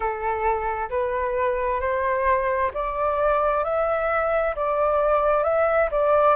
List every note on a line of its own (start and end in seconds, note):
0.00 0.89 A4
0.89 1.80 B4
1.80 2.71 C5
2.74 3.64 D5
3.64 4.55 E5
4.55 5.43 D5
5.43 5.89 E5
5.91 6.35 D5